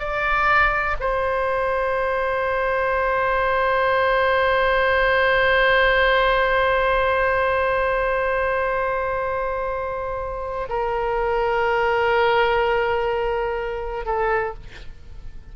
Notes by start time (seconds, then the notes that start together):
0.00 D5
1.00 C5
10.70 A#4
14.06 A4